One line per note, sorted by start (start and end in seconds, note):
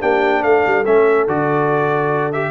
0.00 0.43 A#3
0.00 0.84 D4
0.00 0.42 G4
0.00 0.42 G5
0.42 0.64 A3
0.42 2.50 A4
0.42 0.84 F5
0.66 0.86 G3
0.85 1.27 A3
0.85 1.28 C#4
0.85 1.27 E5
1.27 2.50 D3
1.27 2.32 F#4
1.27 2.32 D5
2.32 2.50 G4
2.32 2.50 E5